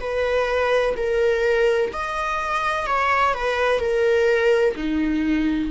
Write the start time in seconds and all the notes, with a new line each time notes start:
0.00 B4
0.97 A#4
1.93 D#5
2.87 C#5
3.34 B4
3.80 A#4
4.76 D#4